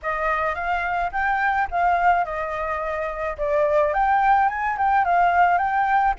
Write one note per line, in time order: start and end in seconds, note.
0.02 0.55 D#5
0.55 1.11 F5
1.12 1.68 G5
1.71 2.24 F5
2.24 3.36 D#5
3.37 3.93 D5
3.93 4.49 G5
4.49 4.77 G#5
4.77 5.04 G5
5.04 5.58 F5
5.58 6.14 G5